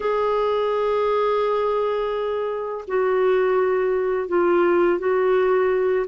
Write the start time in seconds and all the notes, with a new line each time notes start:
0.00 G#4
2.87 F#4
4.28 F4
4.98 F#4